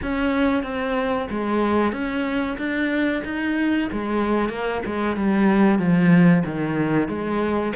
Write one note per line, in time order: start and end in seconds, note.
0.02 0.63 C#4
0.63 1.27 C4
1.30 1.92 G#3
1.92 2.56 C#4
2.58 3.22 D4
3.24 3.89 D#4
3.91 4.49 G#3
4.49 4.81 A#3
4.85 5.16 G#3
5.16 5.78 G3
5.78 6.43 F3
6.45 7.08 D#3
7.08 7.72 G#3